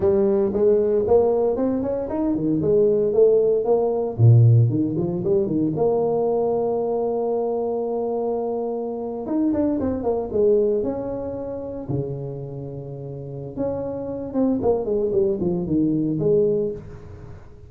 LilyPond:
\new Staff \with { instrumentName = "tuba" } { \time 4/4 \tempo 4 = 115 g4 gis4 ais4 c'8 cis'8 | dis'8 dis8 gis4 a4 ais4 | ais,4 dis8 f8 g8 dis8 ais4~ | ais1~ |
ais4.~ ais16 dis'8 d'8 c'8 ais8 gis16~ | gis8. cis'2 cis4~ cis16~ | cis2 cis'4. c'8 | ais8 gis8 g8 f8 dis4 gis4 | }